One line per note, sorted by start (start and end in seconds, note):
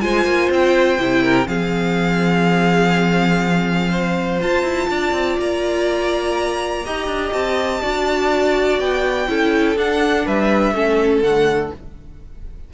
0.00 0.24 G#3
0.00 0.98 F4
0.00 1.22 C5
0.00 0.49 G#5
0.24 0.48 A#3
0.49 0.98 C4
0.49 1.47 G5
0.98 1.47 C3
0.98 1.46 E4
1.22 1.47 A#4
1.46 4.40 F3
1.46 4.38 C4
1.46 3.89 G#4
1.46 4.40 F5
3.89 4.87 C5
4.40 6.84 F4
4.40 4.62 F4
4.40 5.39 A5
4.62 4.87 E4
4.89 5.12 D4
4.89 6.85 D5
5.12 5.37 C4
5.39 6.85 A#3
5.39 7.32 A#5
6.85 7.06 D#4
6.85 7.82 G4
6.85 7.82 D#5
7.06 7.31 D4
7.32 7.82 C4
7.32 8.79 A5
7.82 8.79 D4
7.82 9.27 F#4
7.82 9.28 D5
8.79 9.28 B3
8.79 9.77 G5
9.27 9.76 C#4
9.27 9.76 E4
9.27 10.25 A4
9.76 10.25 D4
9.76 10.74 D4
9.76 10.27 F#5
10.25 10.72 G3
10.25 10.74 B4
10.25 11.22 E5
10.72 11.21 A3
10.72 11.23 C#4
10.72 11.73 A4
11.22 11.70 D3
11.22 11.72 A3
11.22 11.71 F#5